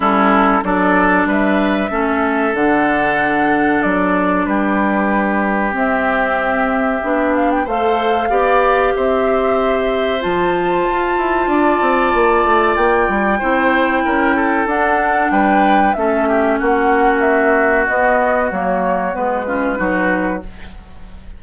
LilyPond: <<
  \new Staff \with { instrumentName = "flute" } { \time 4/4 \tempo 4 = 94 a'4 d''4 e''2 | fis''2 d''4 b'4~ | b'4 e''2~ e''8 f''16 g''16 | f''2 e''2 |
a''1 | g''2. fis''4 | g''4 e''4 fis''4 e''4 | dis''4 cis''4 b'2 | }
  \new Staff \with { instrumentName = "oboe" } { \time 4/4 e'4 a'4 b'4 a'4~ | a'2. g'4~ | g'1 | c''4 d''4 c''2~ |
c''2 d''2~ | d''4 c''4 ais'8 a'4. | b'4 a'8 g'8 fis'2~ | fis'2~ fis'8 f'8 fis'4 | }
  \new Staff \with { instrumentName = "clarinet" } { \time 4/4 cis'4 d'2 cis'4 | d'1~ | d'4 c'2 d'4 | a'4 g'2. |
f'1~ | f'4 e'2 d'4~ | d'4 cis'2. | b4 ais4 b8 cis'8 dis'4 | }
  \new Staff \with { instrumentName = "bassoon" } { \time 4/4 g4 fis4 g4 a4 | d2 fis4 g4~ | g4 c'2 b4 | a4 b4 c'2 |
f4 f'8 e'8 d'8 c'8 ais8 a8 | ais8 g8 c'4 cis'4 d'4 | g4 a4 ais2 | b4 fis4 gis4 fis4 | }
>>